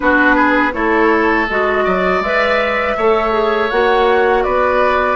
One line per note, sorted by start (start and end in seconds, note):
0.00 0.74 B3
0.00 0.72 D4
0.00 0.35 F#4
0.00 0.73 B4
0.35 0.72 G#4
0.73 1.48 A3
0.73 1.47 E4
0.73 1.84 A4
0.73 1.47 C#5
1.49 1.86 G#3
1.49 2.24 F#4
1.49 2.23 D#5
1.84 2.20 F#3
1.84 2.95 D5
2.20 2.94 G#3
2.20 2.98 B4
2.20 3.69 E5
2.97 3.71 A3
2.97 3.31 A4
2.97 4.44 C#5
3.31 3.68 G#4
3.69 4.45 A#3
3.69 5.16 F#4
3.69 4.43 F#5
4.43 5.16 B3
4.43 5.16 B4
4.43 5.16 D5